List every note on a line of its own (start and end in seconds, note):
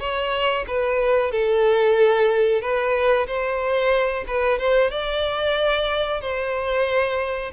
0.00 0.65 C#5
0.68 1.32 B4
1.32 2.61 A4
2.61 3.27 B4
3.27 4.25 C5
4.27 4.59 B4
4.59 4.91 C5
4.91 6.21 D5
6.21 7.51 C5